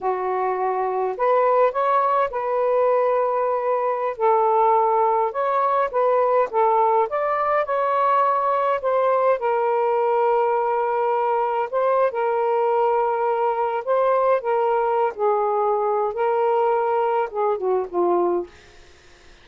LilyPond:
\new Staff \with { instrumentName = "saxophone" } { \time 4/4 \tempo 4 = 104 fis'2 b'4 cis''4 | b'2.~ b'16 a'8.~ | a'4~ a'16 cis''4 b'4 a'8.~ | a'16 d''4 cis''2 c''8.~ |
c''16 ais'2.~ ais'8.~ | ais'16 c''8. ais'2. | c''4 ais'4~ ais'16 gis'4.~ gis'16 | ais'2 gis'8 fis'8 f'4 | }